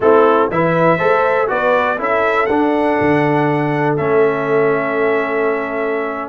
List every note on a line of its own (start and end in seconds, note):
0.00 0.49 A3
0.00 0.51 C4
0.00 0.51 E4
0.00 0.50 A4
0.49 0.99 E3
0.49 0.98 E4
0.49 0.97 B4
0.49 1.49 E5
0.97 1.49 A3
0.97 1.47 A4
0.97 1.47 C5
1.47 1.98 B3
1.47 1.97 F#4
1.47 1.98 B4
1.47 1.98 D5
1.97 2.48 C#4
1.97 2.47 E4
1.97 6.29 A4
1.97 2.46 E5
2.46 2.98 D4
2.46 3.97 D4
2.46 3.95 F#5
3.00 3.99 D3
3.96 6.29 A3
3.96 6.29 C#4
3.96 6.29 E5